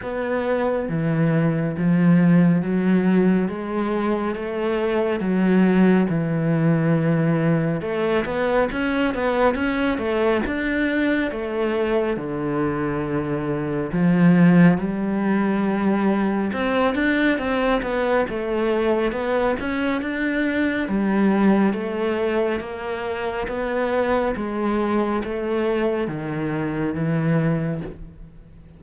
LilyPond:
\new Staff \with { instrumentName = "cello" } { \time 4/4 \tempo 4 = 69 b4 e4 f4 fis4 | gis4 a4 fis4 e4~ | e4 a8 b8 cis'8 b8 cis'8 a8 | d'4 a4 d2 |
f4 g2 c'8 d'8 | c'8 b8 a4 b8 cis'8 d'4 | g4 a4 ais4 b4 | gis4 a4 dis4 e4 | }